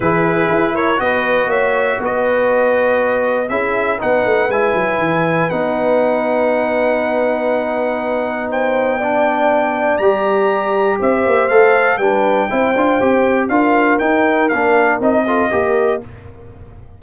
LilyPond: <<
  \new Staff \with { instrumentName = "trumpet" } { \time 4/4 \tempo 4 = 120 b'4. cis''8 dis''4 e''4 | dis''2. e''4 | fis''4 gis''2 fis''4~ | fis''1~ |
fis''4 g''2. | ais''2 e''4 f''4 | g''2. f''4 | g''4 f''4 dis''2 | }
  \new Staff \with { instrumentName = "horn" } { \time 4/4 gis'4. ais'8 b'4 cis''4 | b'2. gis'4 | b'1~ | b'1~ |
b'4 c''4 d''2~ | d''2 c''2 | b'4 c''2 ais'4~ | ais'2~ ais'8 a'8 ais'4 | }
  \new Staff \with { instrumentName = "trombone" } { \time 4/4 e'2 fis'2~ | fis'2. e'4 | dis'4 e'2 dis'4~ | dis'1~ |
dis'2 d'2 | g'2. a'4 | d'4 e'8 f'8 g'4 f'4 | dis'4 d'4 dis'8 f'8 g'4 | }
  \new Staff \with { instrumentName = "tuba" } { \time 4/4 e4 e'4 b4 ais4 | b2. cis'4 | b8 a8 gis8 fis8 e4 b4~ | b1~ |
b1 | g2 c'8 ais8 a4 | g4 c'8 d'8 c'4 d'4 | dis'4 ais4 c'4 ais4 | }
>>